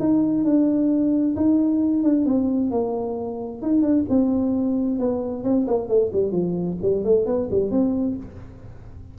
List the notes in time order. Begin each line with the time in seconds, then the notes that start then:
0.00 D#4
0.45 D4
1.37 D#4
2.04 D4
2.26 C4
2.71 A#3
3.63 D#4
3.82 D4
4.10 C4
5.00 B3
5.44 C4
5.68 A#3
5.89 A3
6.13 G3
6.32 F3
6.82 G3
7.05 A3
7.26 B3
7.51 G3
7.71 C4